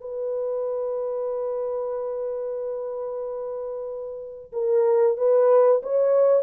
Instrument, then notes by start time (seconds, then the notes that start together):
horn
0.00 B4
4.52 A#4
5.17 B4
5.82 C#5